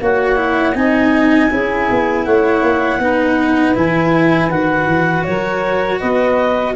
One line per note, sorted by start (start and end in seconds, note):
0.00 0.75 A#3
0.00 0.35 F#4
0.00 0.75 C#5
0.00 0.75 F#5
0.35 0.73 E4
0.74 1.50 C4
0.74 1.49 D#4
0.74 1.49 D#5
0.74 2.25 G#5
1.49 1.89 C#4
1.49 3.00 E4
1.49 2.24 G#4
1.90 2.26 B3
2.24 2.62 A3
2.24 2.99 C#5
2.24 3.75 F#5
2.62 2.99 A#3
2.99 3.74 B3
2.99 3.75 D#4
2.99 5.27 B4
3.75 4.50 E3
3.75 4.50 E4
3.75 4.50 G#5
4.50 4.86 D#3
4.50 6.75 F#4
4.50 5.24 F#5
4.86 5.23 E3
5.24 6.02 F#3
5.24 5.99 A#4
5.24 5.99 C#5
5.99 6.75 B3
5.99 6.74 B4
5.99 6.75 D#5